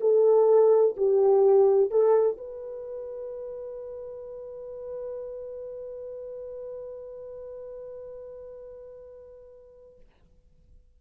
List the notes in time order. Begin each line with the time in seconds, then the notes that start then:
0.00 A4
0.97 G4
1.90 A4
2.37 B4